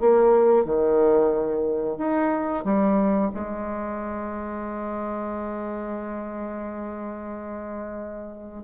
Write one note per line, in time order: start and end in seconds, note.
0.00 0.65 A#3
0.65 1.98 D#3
1.98 2.65 D#4
2.65 3.32 G3
3.35 8.64 G#3